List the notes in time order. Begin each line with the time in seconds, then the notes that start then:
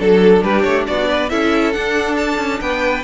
0.00 F#3 D4 A4
0.43 G3 G4 B4
0.63 A3 C#5
0.88 B3 F#4 D5
1.09 B4
1.30 C#4 E4 A4 E5
1.73 D4 F#5
2.17 A5
2.39 C#4
2.61 B3 B4 G5